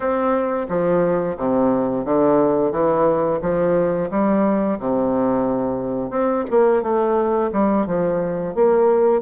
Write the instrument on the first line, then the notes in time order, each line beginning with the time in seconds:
bassoon
0.00 C4
0.68 F3
1.37 C3
2.05 D3
2.71 E3
3.41 F3
4.10 G3
4.79 C3
6.10 C4
6.50 A#3
6.82 A3
7.52 G3
7.86 F3
8.54 A#3